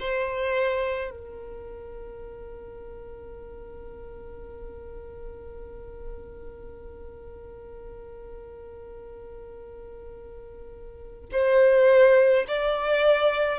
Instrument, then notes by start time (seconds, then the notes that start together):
violin
0.00 C5
1.11 A#4
11.32 C5
12.48 D5